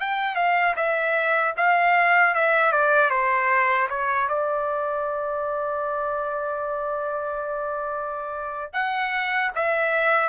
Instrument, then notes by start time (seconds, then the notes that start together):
trumpet
0.00 G5
0.35 F5
0.76 E5
1.57 F5
2.34 E5
2.72 D5
3.10 C5
3.89 C#5
4.29 D5
8.73 F#5
9.55 E5